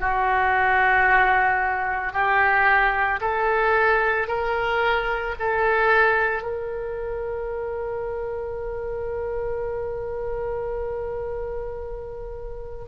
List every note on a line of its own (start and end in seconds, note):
0.00 2.13 F#4
2.13 3.20 G4
3.21 4.28 A4
4.28 5.35 A#4
5.39 6.42 A4
6.42 12.85 A#4